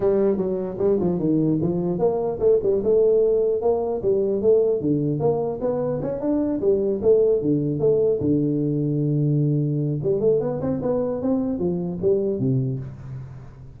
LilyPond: \new Staff \with { instrumentName = "tuba" } { \time 4/4 \tempo 4 = 150 g4 fis4 g8 f8 dis4 | f4 ais4 a8 g8 a4~ | a4 ais4 g4 a4 | d4 ais4 b4 cis'8 d'8~ |
d'8 g4 a4 d4 a8~ | a8 d2.~ d8~ | d4 g8 a8 b8 c'8 b4 | c'4 f4 g4 c4 | }